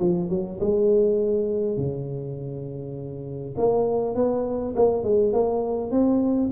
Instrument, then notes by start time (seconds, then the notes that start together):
tuba
0.00 F3
0.30 F#3
0.60 G#3
1.77 C#3
3.58 A#3
4.16 B3
4.76 A#3
5.04 G#3
5.34 A#3
5.91 C4